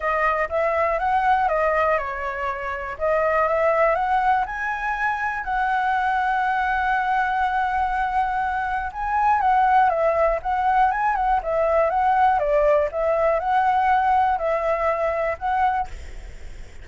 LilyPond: \new Staff \with { instrumentName = "flute" } { \time 4/4 \tempo 4 = 121 dis''4 e''4 fis''4 dis''4 | cis''2 dis''4 e''4 | fis''4 gis''2 fis''4~ | fis''1~ |
fis''2 gis''4 fis''4 | e''4 fis''4 gis''8 fis''8 e''4 | fis''4 d''4 e''4 fis''4~ | fis''4 e''2 fis''4 | }